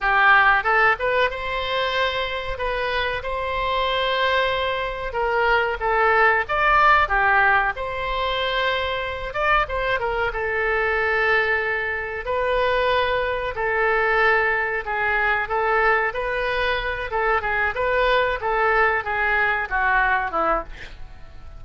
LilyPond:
\new Staff \with { instrumentName = "oboe" } { \time 4/4 \tempo 4 = 93 g'4 a'8 b'8 c''2 | b'4 c''2. | ais'4 a'4 d''4 g'4 | c''2~ c''8 d''8 c''8 ais'8 |
a'2. b'4~ | b'4 a'2 gis'4 | a'4 b'4. a'8 gis'8 b'8~ | b'8 a'4 gis'4 fis'4 e'8 | }